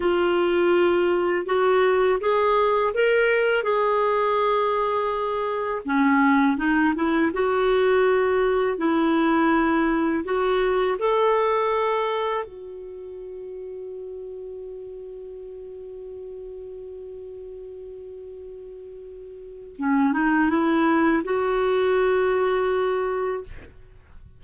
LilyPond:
\new Staff \with { instrumentName = "clarinet" } { \time 4/4 \tempo 4 = 82 f'2 fis'4 gis'4 | ais'4 gis'2. | cis'4 dis'8 e'8 fis'2 | e'2 fis'4 a'4~ |
a'4 fis'2.~ | fis'1~ | fis'2. cis'8 dis'8 | e'4 fis'2. | }